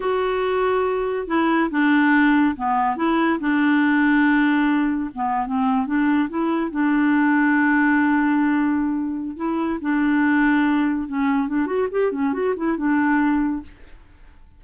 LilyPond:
\new Staff \with { instrumentName = "clarinet" } { \time 4/4 \tempo 4 = 141 fis'2. e'4 | d'2 b4 e'4 | d'1 | b8. c'4 d'4 e'4 d'16~ |
d'1~ | d'2 e'4 d'4~ | d'2 cis'4 d'8 fis'8 | g'8 cis'8 fis'8 e'8 d'2 | }